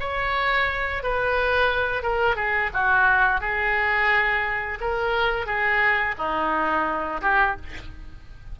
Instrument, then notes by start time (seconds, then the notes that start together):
oboe
0.00 C#5
1.03 B4
2.03 A#4
2.36 G#4
2.74 F#4
3.41 G#4
4.81 A#4
5.46 G#4
6.18 D#4
7.22 G4